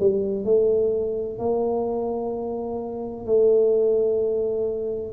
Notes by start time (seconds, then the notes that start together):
0.00 G3
0.45 A3
1.39 A#3
3.26 A3